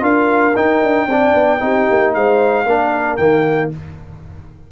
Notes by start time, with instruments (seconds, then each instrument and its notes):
0.00 tuba D4, trombone F4, horn A#4, trumpet F5
0.56 tuba D#4, trombone D#4, trumpet G5
0.83 tuba D4
1.07 tuba C4, trombone D4, horn D5
1.34 tuba B3
1.60 tuba C4, trombone D#4, horn G4
1.90 tuba A#3
2.14 tuba G#3, horn C5, trumpet F5
2.65 tuba A#3, trombone D4, horn A#4
3.16 tuba D#3, trombone A#3, trumpet G5